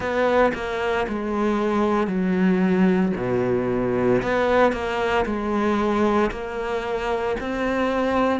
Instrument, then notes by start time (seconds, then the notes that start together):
cello
0.00 B3
0.54 A#3
1.08 G#3
2.07 F#3
3.16 B2
4.22 B3
4.72 A#3
5.25 G#3
6.31 A#3
7.40 C4